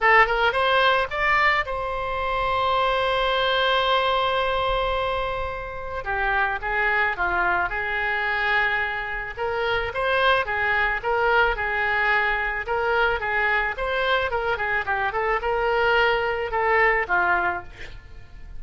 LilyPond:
\new Staff \with { instrumentName = "oboe" } { \time 4/4 \tempo 4 = 109 a'8 ais'8 c''4 d''4 c''4~ | c''1~ | c''2. g'4 | gis'4 f'4 gis'2~ |
gis'4 ais'4 c''4 gis'4 | ais'4 gis'2 ais'4 | gis'4 c''4 ais'8 gis'8 g'8 a'8 | ais'2 a'4 f'4 | }